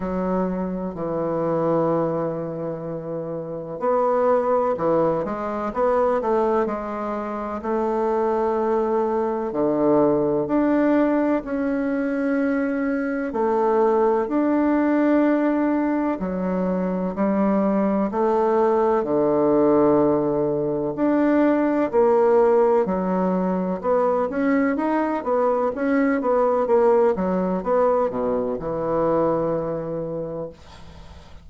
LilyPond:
\new Staff \with { instrumentName = "bassoon" } { \time 4/4 \tempo 4 = 63 fis4 e2. | b4 e8 gis8 b8 a8 gis4 | a2 d4 d'4 | cis'2 a4 d'4~ |
d'4 fis4 g4 a4 | d2 d'4 ais4 | fis4 b8 cis'8 dis'8 b8 cis'8 b8 | ais8 fis8 b8 b,8 e2 | }